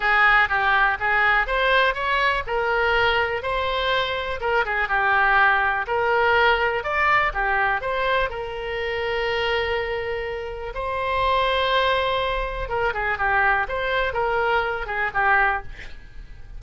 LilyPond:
\new Staff \with { instrumentName = "oboe" } { \time 4/4 \tempo 4 = 123 gis'4 g'4 gis'4 c''4 | cis''4 ais'2 c''4~ | c''4 ais'8 gis'8 g'2 | ais'2 d''4 g'4 |
c''4 ais'2.~ | ais'2 c''2~ | c''2 ais'8 gis'8 g'4 | c''4 ais'4. gis'8 g'4 | }